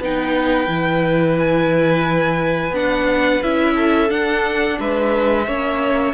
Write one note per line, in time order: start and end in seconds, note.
0.00 0.67 B3
0.00 0.67 D#4
0.00 3.75 B4
0.00 1.39 G5
0.67 2.71 E3
0.67 2.72 E4
1.39 2.75 G#5
2.71 3.39 B3
2.71 3.42 D4
2.71 3.43 F#5
3.43 4.11 C#4
3.43 4.09 E4
3.43 4.11 E5
3.75 4.78 A4
4.09 5.45 D4
4.09 4.79 D4
4.09 4.79 F#5
4.80 5.48 G#3
4.80 5.47 B4
4.80 6.14 E5
5.47 6.14 A#3
5.47 6.14 C#4
5.47 6.14 C#5